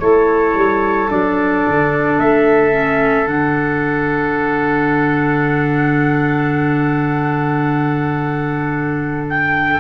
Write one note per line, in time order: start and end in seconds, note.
0.00 0.54 A3
0.00 1.10 E4
0.00 9.81 A4
0.00 1.09 C#5
0.54 1.09 G3
1.10 1.66 F#3
1.10 2.72 D4
1.10 2.20 D5
1.68 2.19 D3
2.19 3.28 A3
2.19 3.28 E5
2.72 3.26 C#4
3.26 9.81 D3
3.26 9.81 D4
3.26 9.28 F#5
9.30 9.81 G5